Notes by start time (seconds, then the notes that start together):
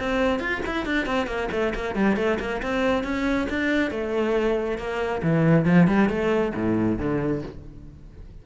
0.00 C4
0.40 F4
0.66 E4
0.86 D4
1.07 C4
1.27 A#3
1.52 A3
1.75 A#3
1.96 G3
2.17 A3
2.40 A#3
2.63 C4
3.04 C#4
3.50 D4
3.91 A3
4.78 A#3
5.23 E3
5.66 F3
5.88 G3
6.10 A3
6.56 A2
6.99 D3